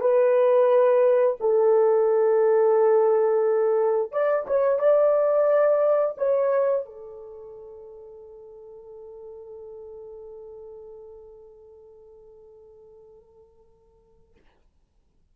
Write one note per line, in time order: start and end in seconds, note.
0.00 1.36 B4
1.40 4.12 A4
4.12 4.46 D5
4.47 4.79 C#5
4.79 6.15 D5
6.17 6.85 C#5
6.85 14.35 A4